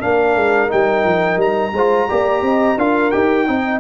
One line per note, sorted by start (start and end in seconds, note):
0.00 0.35 A#3
0.00 0.69 D4
0.00 1.72 A#4
0.00 0.71 F5
0.35 0.70 G#3
0.69 1.05 G3
0.69 1.72 D#4
0.69 1.40 G5
1.05 1.37 F3
1.37 1.71 G3
1.37 2.79 A#5
1.73 2.07 G#3
1.73 2.09 F4
1.73 2.08 C5
2.09 2.42 A#3
2.09 2.78 G4
2.09 2.44 D5
2.42 2.76 C4
2.42 2.78 D#5
2.78 3.12 D4
2.78 3.12 F4
2.78 3.47 A#4
2.78 3.11 F5
3.11 3.48 D#4
3.11 3.47 G4
3.11 3.80 G5
3.47 3.80 C4
3.47 3.80 D#4
3.47 3.80 D#5